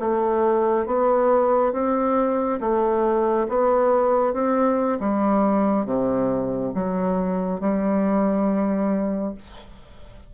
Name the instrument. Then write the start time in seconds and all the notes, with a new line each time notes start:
bassoon
0.00 A3
0.87 B3
1.73 C4
2.60 A3
3.49 B3
4.34 C4
5.00 G3
5.86 C3
6.75 F#3
7.60 G3